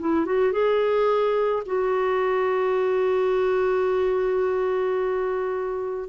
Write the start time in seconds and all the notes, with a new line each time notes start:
0.00 E4
0.26 F#4
0.52 G#4
1.66 F#4